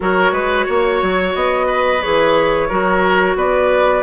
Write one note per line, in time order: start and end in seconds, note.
0.00 0.31 F#3
0.00 1.99 F#4
0.00 0.32 A#4
0.00 1.35 C#5
0.31 0.65 G#3
0.31 0.65 B4
0.66 1.02 A#3
0.66 1.66 C#5
1.02 1.34 F#3
1.34 2.02 B3
1.34 2.01 D#5
1.66 2.68 B4
2.01 2.70 E3
2.01 2.69 G#4
2.01 3.36 C#5
2.68 3.35 F#3
2.68 4.03 F#4
2.68 3.36 A#4
3.35 4.03 B3
3.35 4.03 B4
3.35 4.03 D5